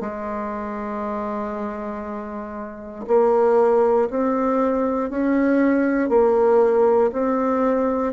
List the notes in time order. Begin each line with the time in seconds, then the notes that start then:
0.00 G#3
3.06 A#3
4.10 C4
5.09 C#4
6.09 A#3
7.12 C4